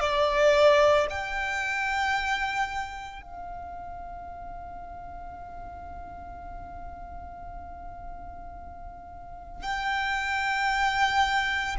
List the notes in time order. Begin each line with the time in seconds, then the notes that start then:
0.00 D5
1.10 G5
3.22 F5
9.62 G5